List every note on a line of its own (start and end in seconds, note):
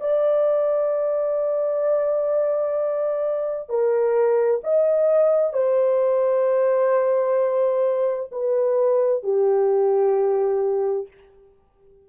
0.00 3.69 D5
3.69 4.61 A#4
4.64 5.53 D#5
5.53 8.30 C5
8.32 9.23 B4
9.23 11.08 G4